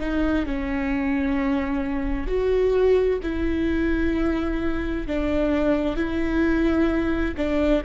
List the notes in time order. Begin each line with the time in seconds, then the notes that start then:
0.00 D#4
0.46 C#4
2.27 F#4
3.22 E4
5.07 D4
5.96 E4
7.37 D4